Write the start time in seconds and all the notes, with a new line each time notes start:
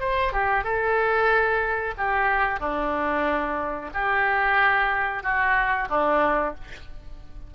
0.00 C5
0.33 G4
0.64 A4
1.98 G4
2.60 D4
3.94 G4
5.23 F#4
5.89 D4